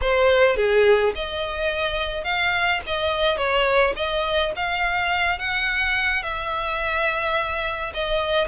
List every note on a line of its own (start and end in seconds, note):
0.01 0.56 C5
0.56 1.13 G#4
1.15 2.24 D#5
2.24 2.80 F5
2.86 3.37 D#5
3.37 3.93 C#5
3.95 4.52 D#5
4.56 5.38 F5
5.38 6.23 F#5
6.23 7.92 E5
7.94 8.47 D#5